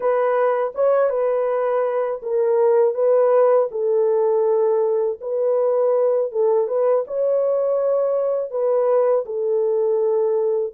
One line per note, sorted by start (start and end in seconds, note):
0.00 0.72 B4
0.74 1.09 C#5
1.09 2.20 B4
2.22 2.94 A#4
2.94 3.68 B4
3.71 5.19 A4
5.20 6.31 B4
6.31 6.67 A4
6.67 7.04 B4
7.07 8.51 C#5
8.51 9.25 B4
9.25 10.73 A4